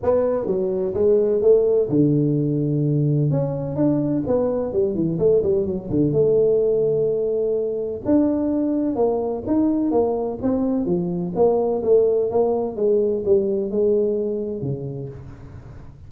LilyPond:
\new Staff \with { instrumentName = "tuba" } { \time 4/4 \tempo 4 = 127 b4 fis4 gis4 a4 | d2. cis'4 | d'4 b4 g8 e8 a8 g8 | fis8 d8 a2.~ |
a4 d'2 ais4 | dis'4 ais4 c'4 f4 | ais4 a4 ais4 gis4 | g4 gis2 cis4 | }